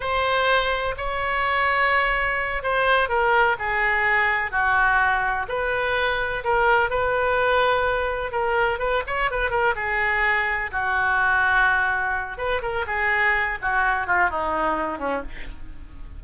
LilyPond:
\new Staff \with { instrumentName = "oboe" } { \time 4/4 \tempo 4 = 126 c''2 cis''2~ | cis''4. c''4 ais'4 gis'8~ | gis'4. fis'2 b'8~ | b'4. ais'4 b'4.~ |
b'4. ais'4 b'8 cis''8 b'8 | ais'8 gis'2 fis'4.~ | fis'2 b'8 ais'8 gis'4~ | gis'8 fis'4 f'8 dis'4. cis'8 | }